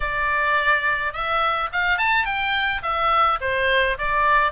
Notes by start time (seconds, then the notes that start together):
0.00 D5
1.13 E5
1.72 F5
1.98 A5
2.25 G5
2.82 E5
3.41 C5
3.98 D5